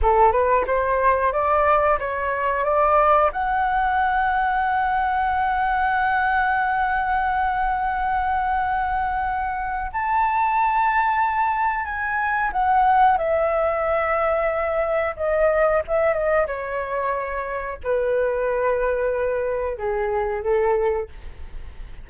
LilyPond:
\new Staff \with { instrumentName = "flute" } { \time 4/4 \tempo 4 = 91 a'8 b'8 c''4 d''4 cis''4 | d''4 fis''2.~ | fis''1~ | fis''2. a''4~ |
a''2 gis''4 fis''4 | e''2. dis''4 | e''8 dis''8 cis''2 b'4~ | b'2 gis'4 a'4 | }